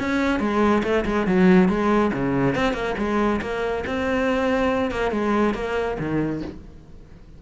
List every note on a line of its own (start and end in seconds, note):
0.00 0.40 C#4
0.40 0.83 G#3
0.84 1.05 A3
1.06 1.27 G#3
1.27 1.69 F#3
1.69 2.12 G#3
2.14 2.55 C#3
2.55 2.74 C4
2.74 2.95 A#3
2.98 3.41 G#3
3.42 3.85 A#3
3.87 4.91 C4
4.91 5.12 A#3
5.12 5.54 G#3
5.55 5.97 A#3
5.99 6.42 D#3